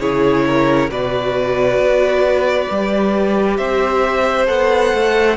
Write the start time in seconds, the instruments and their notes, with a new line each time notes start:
0.00 cello C#3, viola E4, violin G#4 C#5
0.46 violin A#4
0.91 cello B2, viola F#4, violin B4 D5
1.78 cello B3
2.71 cello G3, viola G4
3.57 cello C4, violin C5 E5
4.47 cello B3, viola A4, violin F#5
4.93 cello A3